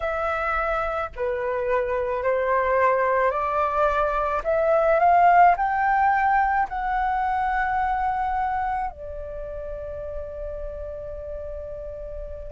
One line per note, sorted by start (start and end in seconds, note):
0.00 1.10 E5
1.16 2.23 B4
2.23 3.30 C5
3.30 4.41 D5
4.44 4.99 E5
4.99 5.55 F5
5.57 6.68 G5
6.69 8.90 F#5
8.90 12.51 D5